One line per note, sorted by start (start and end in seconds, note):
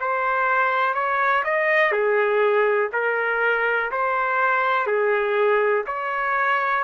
0.00 0.94 C5
0.94 1.44 C#5
1.44 1.92 D#5
1.92 2.90 G#4
2.92 3.91 A#4
3.92 4.87 C5
4.87 5.85 G#4
5.87 6.84 C#5